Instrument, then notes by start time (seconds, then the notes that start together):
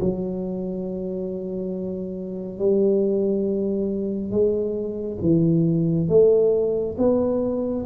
tuba
0.00 F#3
2.58 G3
4.31 G#3
5.21 E3
6.09 A3
6.98 B3